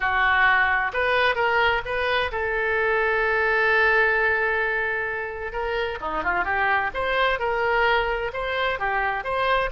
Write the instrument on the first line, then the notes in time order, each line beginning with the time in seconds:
oboe
0.00 F#4
0.93 B4
1.35 A#4
1.85 B4
2.31 A4
5.52 A#4
6.00 D#4
6.23 F4
6.44 G4
6.94 C5
7.39 A#4
8.33 C5
8.79 G4
9.23 C5